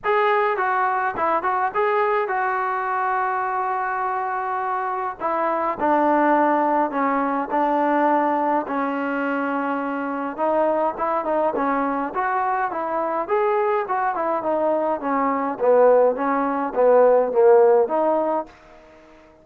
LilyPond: \new Staff \with { instrumentName = "trombone" } { \time 4/4 \tempo 4 = 104 gis'4 fis'4 e'8 fis'8 gis'4 | fis'1~ | fis'4 e'4 d'2 | cis'4 d'2 cis'4~ |
cis'2 dis'4 e'8 dis'8 | cis'4 fis'4 e'4 gis'4 | fis'8 e'8 dis'4 cis'4 b4 | cis'4 b4 ais4 dis'4 | }